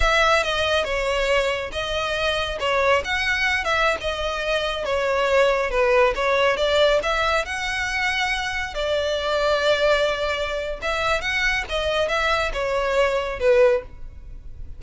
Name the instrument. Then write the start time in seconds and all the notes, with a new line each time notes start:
violin
0.00 E5
0.43 D#5
0.84 C#5
1.72 D#5
2.59 C#5
3.04 F#5
3.64 E5
4.00 D#5
4.84 C#5
5.70 B4
6.15 C#5
6.57 D5
7.02 E5
7.45 F#5
8.74 D5
10.81 E5
11.21 F#5
11.69 D#5
12.08 E5
12.53 C#5
13.39 B4